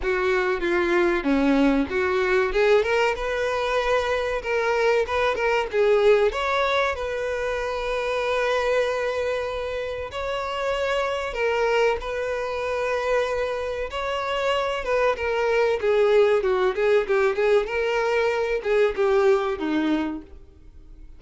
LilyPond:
\new Staff \with { instrumentName = "violin" } { \time 4/4 \tempo 4 = 95 fis'4 f'4 cis'4 fis'4 | gis'8 ais'8 b'2 ais'4 | b'8 ais'8 gis'4 cis''4 b'4~ | b'1 |
cis''2 ais'4 b'4~ | b'2 cis''4. b'8 | ais'4 gis'4 fis'8 gis'8 g'8 gis'8 | ais'4. gis'8 g'4 dis'4 | }